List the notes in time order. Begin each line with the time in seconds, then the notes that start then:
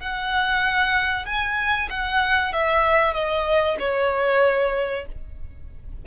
0.00 F#5
1.26 G#5
1.90 F#5
2.53 E5
3.13 D#5
3.80 C#5